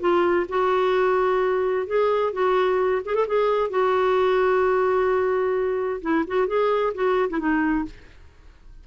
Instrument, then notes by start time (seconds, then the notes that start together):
clarinet
0.00 F4
0.49 F#4
1.87 G#4
2.32 F#4
3.05 G#4
3.14 A4
3.27 G#4
3.70 F#4
6.01 E4
6.27 F#4
6.47 G#4
6.94 F#4
7.30 E4
7.39 D#4